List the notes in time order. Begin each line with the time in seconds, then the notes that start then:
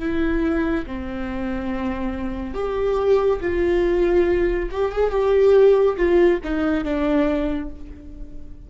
0.00 E4
0.86 C4
2.54 G4
3.41 F4
4.71 G4
4.92 G#4
5.11 G4
5.97 F4
6.44 D#4
6.85 D4